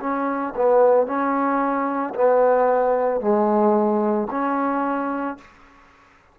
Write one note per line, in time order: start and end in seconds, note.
0.00 0.54 C#4
0.56 1.06 B3
1.06 2.13 C#4
2.14 3.20 B3
3.20 4.28 G#3
4.31 5.38 C#4